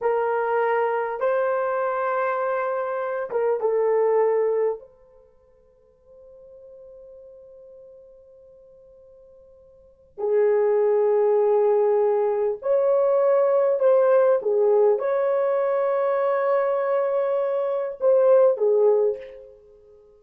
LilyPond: \new Staff \with { instrumentName = "horn" } { \time 4/4 \tempo 4 = 100 ais'2 c''2~ | c''4. ais'8 a'2 | c''1~ | c''1~ |
c''4 gis'2.~ | gis'4 cis''2 c''4 | gis'4 cis''2.~ | cis''2 c''4 gis'4 | }